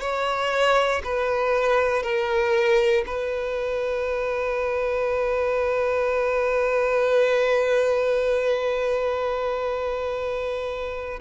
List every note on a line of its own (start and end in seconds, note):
0.00 1.02 C#5
1.04 2.02 B4
2.02 3.04 A#4
3.06 11.20 B4